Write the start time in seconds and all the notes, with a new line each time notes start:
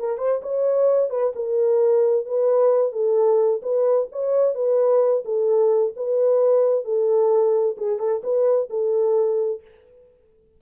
0.00 A#4
0.18 C5
0.43 C#5
1.10 B4
1.36 A#4
2.26 B4
2.93 A4
3.62 B4
4.12 C#5
4.55 B4
5.25 A4
5.97 B4
6.85 A4
7.78 G#4
7.99 A4
8.24 B4
8.70 A4